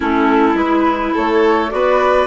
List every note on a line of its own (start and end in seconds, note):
0.00 0.54 A3
0.00 0.55 C#4
0.00 1.13 E4
0.00 0.56 A4
0.54 1.11 G#3
0.54 1.69 E4
0.54 1.13 B4
1.13 1.72 A3
1.13 1.70 A4
1.13 1.70 C#5
1.69 2.27 B3
1.69 2.26 F#4
1.69 2.27 B4
1.69 2.27 D5